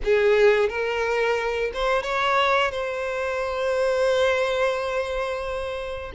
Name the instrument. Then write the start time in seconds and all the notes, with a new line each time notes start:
violin
0.03 G#4
0.69 A#4
1.73 C5
2.03 C#5
2.71 C5